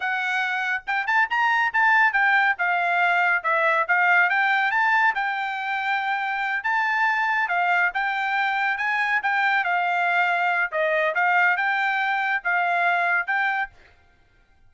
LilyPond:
\new Staff \with { instrumentName = "trumpet" } { \time 4/4 \tempo 4 = 140 fis''2 g''8 a''8 ais''4 | a''4 g''4 f''2 | e''4 f''4 g''4 a''4 | g''2.~ g''8 a''8~ |
a''4. f''4 g''4.~ | g''8 gis''4 g''4 f''4.~ | f''4 dis''4 f''4 g''4~ | g''4 f''2 g''4 | }